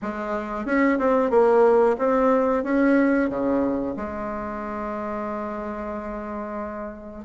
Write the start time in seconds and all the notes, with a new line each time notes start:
0.01 G#3
0.65 C#4
0.98 C4
1.30 A#3
1.98 C4
2.63 C#4
3.29 C#3
3.96 G#3